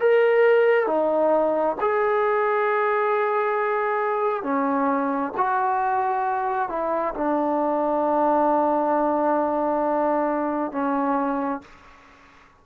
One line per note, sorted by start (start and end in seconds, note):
0.00 0.87 A#4
0.87 1.76 D#4
1.81 4.43 G#4
4.43 5.33 C#4
5.37 6.69 F#4
6.69 7.14 E4
7.14 10.72 D4
10.72 11.61 C#4